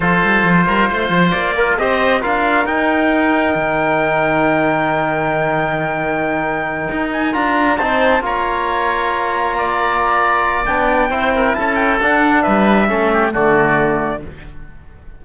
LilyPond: <<
  \new Staff \with { instrumentName = "trumpet" } { \time 4/4 \tempo 4 = 135 c''2. d''4 | dis''4 f''4 g''2~ | g''1~ | g''1 |
gis''8 ais''4 a''4 ais''4.~ | ais''1 | g''2 a''8 g''8 fis''4 | e''2 d''2 | }
  \new Staff \with { instrumentName = "oboe" } { \time 4/4 a'4. ais'8 c''4. f'8 | c''4 ais'2.~ | ais'1~ | ais'1~ |
ais'4. c''4 cis''4.~ | cis''4. d''2~ d''8~ | d''4 c''8 ais'8 a'2 | b'4 a'8 g'8 fis'2 | }
  \new Staff \with { instrumentName = "trombone" } { \time 4/4 f'2.~ f'8 ais'8 | g'4 f'4 dis'2~ | dis'1~ | dis'1~ |
dis'8 f'4 dis'4 f'4.~ | f'1 | d'4 e'2 d'4~ | d'4 cis'4 a2 | }
  \new Staff \with { instrumentName = "cello" } { \time 4/4 f8 g8 f8 g8 a8 f8 ais4 | c'4 d'4 dis'2 | dis1~ | dis2.~ dis8 dis'8~ |
dis'8 d'4 c'4 ais4.~ | ais1 | b4 c'4 cis'4 d'4 | g4 a4 d2 | }
>>